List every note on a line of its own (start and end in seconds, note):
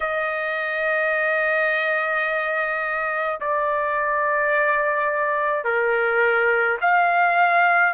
0.00 3.40 D#5
3.40 5.64 D5
5.64 6.77 A#4
6.81 7.93 F5